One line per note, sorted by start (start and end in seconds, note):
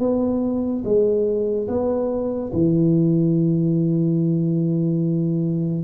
0.00 0.83 B3
0.85 1.68 G#3
1.68 2.52 B3
2.53 5.84 E3